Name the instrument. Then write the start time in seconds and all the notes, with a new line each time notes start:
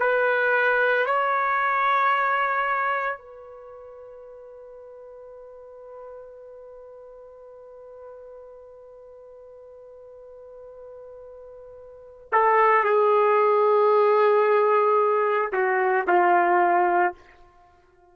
trumpet
0.00 B4
1.06 C#5
3.18 B4
12.33 A4
12.85 G#4
15.53 F#4
16.08 F4